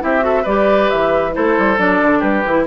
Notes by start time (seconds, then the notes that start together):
0.00 C4 E4 G4 E5
0.20 F#4 A4
0.42 G3 G4 B4 D5
0.90 E3 E5
1.32 A3 E4 A4 C5
1.58 G3
1.77 F#3 D4 D5
2.02 D3
2.19 G3 G4 B4
2.45 E3 E4